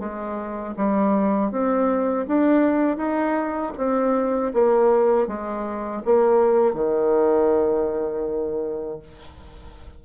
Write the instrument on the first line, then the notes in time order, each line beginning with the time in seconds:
bassoon
0.00 G#3
0.77 G3
1.52 C4
2.28 D4
2.98 D#4
3.78 C4
4.54 A#3
5.28 G#3
6.05 A#3
6.74 D#3